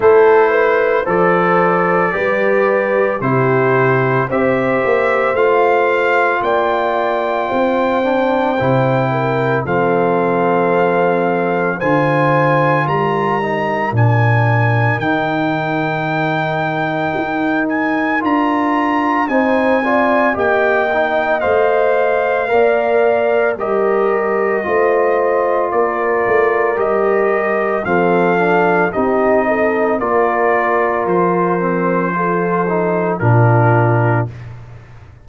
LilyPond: <<
  \new Staff \with { instrumentName = "trumpet" } { \time 4/4 \tempo 4 = 56 c''4 d''2 c''4 | e''4 f''4 g''2~ | g''4 f''2 gis''4 | ais''4 gis''4 g''2~ |
g''8 gis''8 ais''4 gis''4 g''4 | f''2 dis''2 | d''4 dis''4 f''4 dis''4 | d''4 c''2 ais'4 | }
  \new Staff \with { instrumentName = "horn" } { \time 4/4 a'8 b'8 c''4 b'4 g'4 | c''2 d''4 c''4~ | c''8 ais'8 a'2 c''4 | ais'1~ |
ais'2 c''8 d''8 dis''4~ | dis''4 d''4 ais'4 c''4 | ais'2 a'4 g'8 a'8 | ais'2 a'4 f'4 | }
  \new Staff \with { instrumentName = "trombone" } { \time 4/4 e'4 a'4 g'4 e'4 | g'4 f'2~ f'8 d'8 | e'4 c'2 f'4~ | f'8 dis'8 d'4 dis'2~ |
dis'4 f'4 dis'8 f'8 g'8 dis'8 | c''4 ais'4 g'4 f'4~ | f'4 g'4 c'8 d'8 dis'4 | f'4. c'8 f'8 dis'8 d'4 | }
  \new Staff \with { instrumentName = "tuba" } { \time 4/4 a4 f4 g4 c4 | c'8 ais8 a4 ais4 c'4 | c4 f2 d4 | g4 ais,4 dis2 |
dis'4 d'4 c'4 ais4 | a4 ais4 g4 a4 | ais8 a8 g4 f4 c'4 | ais4 f2 ais,4 | }
>>